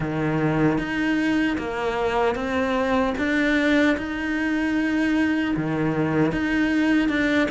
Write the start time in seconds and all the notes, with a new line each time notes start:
0.00 D#3
0.78 D#4
1.58 A#3
2.35 C4
3.18 D4
3.97 D#4
5.56 D#3
6.32 D#4
7.08 D4